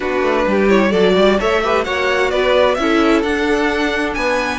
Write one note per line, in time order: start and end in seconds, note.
0.00 0.22 B3
0.00 0.67 D4
0.00 0.45 F#4
0.00 0.69 B4
0.22 0.45 A3
0.47 0.92 G3
0.47 0.90 G4
0.68 0.91 E4
0.68 0.91 C#5
0.90 1.15 F#3
0.90 1.39 F#4
0.90 1.13 A4
0.90 1.37 D5
1.15 1.38 G3
1.15 1.39 D5
1.39 1.86 A3
1.39 1.62 A4
1.39 1.62 C#5
1.39 1.84 E5
1.63 1.84 G4
1.63 1.84 B4
1.84 2.32 A#3
1.84 2.76 F#4
1.84 2.30 C#5
1.84 2.30 F#5
2.30 2.77 B3
2.30 2.77 B4
2.30 2.74 D5
2.74 3.23 C#4
2.74 3.24 E4
2.74 3.20 E5
2.81 4.17 A4
3.23 4.15 D4
3.23 4.59 D4
3.23 4.14 F#5
4.14 4.59 B3
4.14 4.59 B4
4.14 4.59 G#5